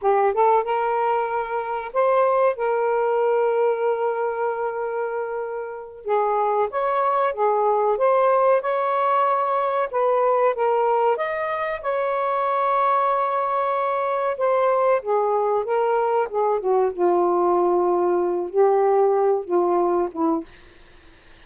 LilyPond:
\new Staff \with { instrumentName = "saxophone" } { \time 4/4 \tempo 4 = 94 g'8 a'8 ais'2 c''4 | ais'1~ | ais'4. gis'4 cis''4 gis'8~ | gis'8 c''4 cis''2 b'8~ |
b'8 ais'4 dis''4 cis''4.~ | cis''2~ cis''8 c''4 gis'8~ | gis'8 ais'4 gis'8 fis'8 f'4.~ | f'4 g'4. f'4 e'8 | }